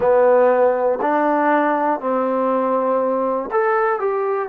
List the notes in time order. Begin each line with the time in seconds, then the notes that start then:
0.00 B3
1.01 D4
2.00 C4
3.51 A4
3.99 G4